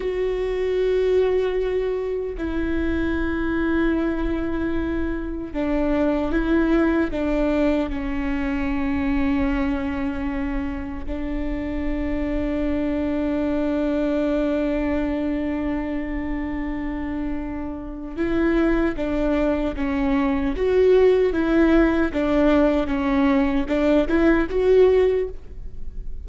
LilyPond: \new Staff \with { instrumentName = "viola" } { \time 4/4 \tempo 4 = 76 fis'2. e'4~ | e'2. d'4 | e'4 d'4 cis'2~ | cis'2 d'2~ |
d'1~ | d'2. e'4 | d'4 cis'4 fis'4 e'4 | d'4 cis'4 d'8 e'8 fis'4 | }